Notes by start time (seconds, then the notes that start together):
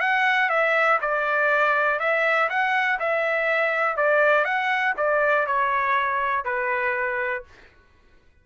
0.00 F#5
0.49 E5
1.01 D5
1.99 E5
2.50 F#5
2.99 E5
3.96 D5
4.45 F#5
4.97 D5
5.47 C#5
6.44 B4